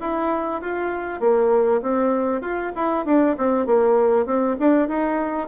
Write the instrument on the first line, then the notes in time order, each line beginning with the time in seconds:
bassoon
0.00 E4
0.61 F4
1.20 A#3
1.82 C4
2.41 F4
2.75 E4
3.06 D4
3.37 C4
3.66 A#3
4.26 C4
4.59 D4
4.88 D#4